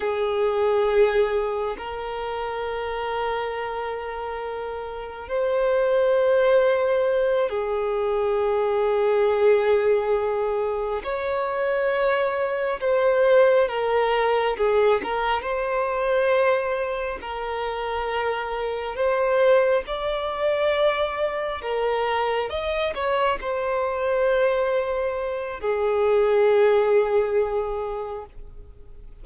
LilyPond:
\new Staff \with { instrumentName = "violin" } { \time 4/4 \tempo 4 = 68 gis'2 ais'2~ | ais'2 c''2~ | c''8 gis'2.~ gis'8~ | gis'8 cis''2 c''4 ais'8~ |
ais'8 gis'8 ais'8 c''2 ais'8~ | ais'4. c''4 d''4.~ | d''8 ais'4 dis''8 cis''8 c''4.~ | c''4 gis'2. | }